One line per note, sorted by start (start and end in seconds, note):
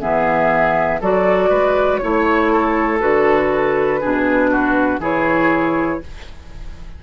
0.00 1.01 E3
0.00 1.00 B3
0.00 1.00 G#4
0.00 1.01 E5
1.00 1.50 F#3
1.00 2.02 F#4
1.00 1.49 A4
1.00 1.98 D5
1.49 2.00 G#3
1.49 1.99 B4
1.98 3.01 A3
1.98 3.00 E4
1.98 2.98 C#5
1.98 2.52 C#5
2.52 4.00 A4
3.00 4.01 D3
3.00 4.00 F#4
3.00 5.00 B4
4.00 4.99 B2
4.00 5.01 D4
4.00 4.50 G#4
4.51 5.00 F#4
4.99 5.99 E3
4.99 6.01 E4
4.99 6.00 G#4
4.99 6.03 C#5